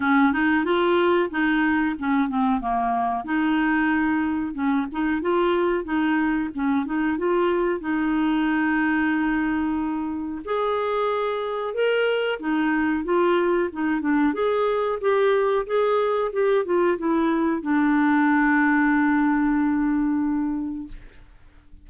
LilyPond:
\new Staff \with { instrumentName = "clarinet" } { \time 4/4 \tempo 4 = 92 cis'8 dis'8 f'4 dis'4 cis'8 c'8 | ais4 dis'2 cis'8 dis'8 | f'4 dis'4 cis'8 dis'8 f'4 | dis'1 |
gis'2 ais'4 dis'4 | f'4 dis'8 d'8 gis'4 g'4 | gis'4 g'8 f'8 e'4 d'4~ | d'1 | }